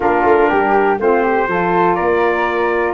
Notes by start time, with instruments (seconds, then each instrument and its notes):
0.00 tuba A#3, saxophone D4, flute F4, trumpet A#4
0.24 tuba A3
0.49 tuba G3, flute G4
0.98 tuba A3, saxophone C4, flute F4, trumpet C5
1.22 flute G4
1.47 tuba F3, saxophone F4, flute A4
1.94 tuba A#3, flute A#4, trumpet D5